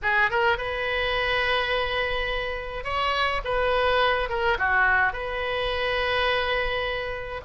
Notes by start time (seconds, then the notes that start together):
0.02 G#4
0.30 A#4
0.57 B4
2.84 C#5
3.44 B4
4.29 A#4
4.58 F#4
5.12 B4